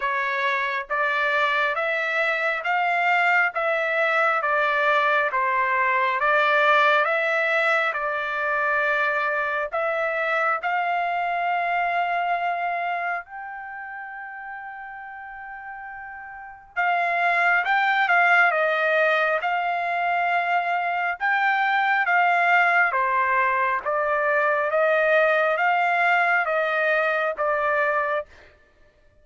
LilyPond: \new Staff \with { instrumentName = "trumpet" } { \time 4/4 \tempo 4 = 68 cis''4 d''4 e''4 f''4 | e''4 d''4 c''4 d''4 | e''4 d''2 e''4 | f''2. g''4~ |
g''2. f''4 | g''8 f''8 dis''4 f''2 | g''4 f''4 c''4 d''4 | dis''4 f''4 dis''4 d''4 | }